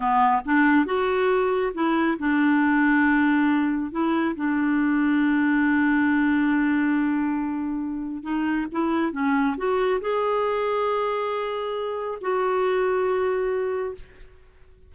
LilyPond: \new Staff \with { instrumentName = "clarinet" } { \time 4/4 \tempo 4 = 138 b4 d'4 fis'2 | e'4 d'2.~ | d'4 e'4 d'2~ | d'1~ |
d'2. dis'4 | e'4 cis'4 fis'4 gis'4~ | gis'1 | fis'1 | }